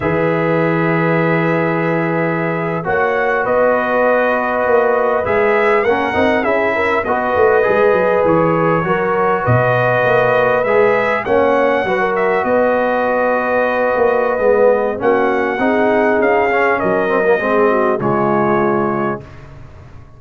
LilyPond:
<<
  \new Staff \with { instrumentName = "trumpet" } { \time 4/4 \tempo 4 = 100 e''1~ | e''8. fis''4 dis''2~ dis''16~ | dis''8. e''4 fis''4 e''4 dis''16~ | dis''4.~ dis''16 cis''2 dis''16~ |
dis''4.~ dis''16 e''4 fis''4~ fis''16~ | fis''16 e''8 dis''2.~ dis''16~ | dis''4 fis''2 f''4 | dis''2 cis''2 | }
  \new Staff \with { instrumentName = "horn" } { \time 4/4 b'1~ | b'8. cis''4 b'2~ b'16~ | b'4.~ b'16 ais'4 gis'8 ais'8 b'16~ | b'2~ b'8. ais'4 b'16~ |
b'2~ b'8. cis''4 b'16 | ais'8. b'2.~ b'16~ | b'4 fis'4 gis'2 | ais'4 gis'8 fis'8 f'2 | }
  \new Staff \with { instrumentName = "trombone" } { \time 4/4 gis'1~ | gis'8. fis'2.~ fis'16~ | fis'8. gis'4 cis'8 dis'8 e'4 fis'16~ | fis'8. gis'2 fis'4~ fis'16~ |
fis'4.~ fis'16 gis'4 cis'4 fis'16~ | fis'1 | b4 cis'4 dis'4. cis'8~ | cis'8 c'16 ais16 c'4 gis2 | }
  \new Staff \with { instrumentName = "tuba" } { \time 4/4 e1~ | e8. ais4 b2 ais16~ | ais8. gis4 ais8 c'8 cis'4 b16~ | b16 a8 gis8 fis8 e4 fis4 b,16~ |
b,8. ais4 gis4 ais4 fis16~ | fis8. b2~ b8 ais8. | gis4 ais4 c'4 cis'4 | fis4 gis4 cis2 | }
>>